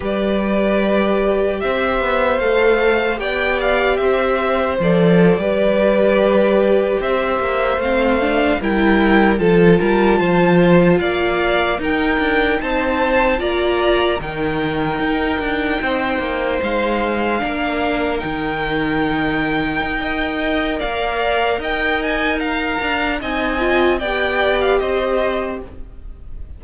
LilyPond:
<<
  \new Staff \with { instrumentName = "violin" } { \time 4/4 \tempo 4 = 75 d''2 e''4 f''4 | g''8 f''8 e''4 d''2~ | d''8. e''4 f''4 g''4 a''16~ | a''4.~ a''16 f''4 g''4 a''16~ |
a''8. ais''4 g''2~ g''16~ | g''8. f''2 g''4~ g''16~ | g''2 f''4 g''8 gis''8 | ais''4 gis''4 g''8. f''16 dis''4 | }
  \new Staff \with { instrumentName = "violin" } { \time 4/4 b'2 c''2 | d''4 c''4.~ c''16 b'4~ b'16~ | b'8. c''2 ais'4 a'16~ | a'16 ais'8 c''4 d''4 ais'4 c''16~ |
c''8. d''4 ais'2 c''16~ | c''4.~ c''16 ais'2~ ais'16~ | ais'4 dis''4 d''4 dis''4 | f''4 dis''4 d''4 c''4 | }
  \new Staff \with { instrumentName = "viola" } { \time 4/4 g'2. a'4 | g'2 a'8. g'4~ g'16~ | g'4.~ g'16 c'8 d'8 e'4 f'16~ | f'2~ f'8. dis'4~ dis'16~ |
dis'8. f'4 dis'2~ dis'16~ | dis'4.~ dis'16 d'4 dis'4~ dis'16~ | dis'4 ais'2.~ | ais'4 dis'8 f'8 g'2 | }
  \new Staff \with { instrumentName = "cello" } { \time 4/4 g2 c'8 b8 a4 | b4 c'4 f8. g4~ g16~ | g8. c'8 ais8 a4 g4 f16~ | f16 g8 f4 ais4 dis'8 d'8 c'16~ |
c'8. ais4 dis4 dis'8 d'8 c'16~ | c'16 ais8 gis4 ais4 dis4~ dis16~ | dis8. dis'4~ dis'16 ais4 dis'4~ | dis'8 d'8 c'4 b4 c'4 | }
>>